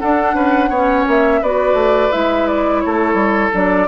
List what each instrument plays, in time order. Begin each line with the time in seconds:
0.00 bassoon D4, clarinet D4, oboe A4, flute F#5
0.34 bassoon C#4, oboe B4
0.69 bassoon B3, clarinet C#4, oboe C#5
1.07 bassoon A#3, flute E5
1.41 bassoon B3, clarinet F#4, oboe B4, flute D5
1.73 bassoon A3
2.11 bassoon G#3, clarinet E4, flute E5
2.47 flute D5
2.80 bassoon A3, oboe A4, flute C#5
3.14 bassoon G3
3.52 bassoon F#3, clarinet D4, flute D5